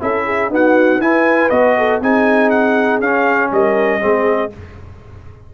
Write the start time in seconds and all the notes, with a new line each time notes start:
0.00 C#4 E4 A4 E5
0.25 G#4
0.50 B3 D#4 F#4 F#5
1.00 E4 B4 G#5
1.50 B3 F#4 D#5
1.78 A4
2.01 C4 D#4 G#4 G#5
2.50 F#5
3.01 C#4 F5
3.52 G3 A#4 D#5
4.00 G#3 C4 G#4